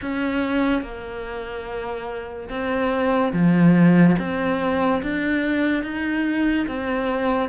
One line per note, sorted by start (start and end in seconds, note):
0.02 0.82 C#4
0.82 2.48 A#3
2.48 3.32 C4
3.32 4.16 F3
4.19 5.02 C4
5.02 5.83 D4
5.83 6.66 D#4
6.67 7.49 C4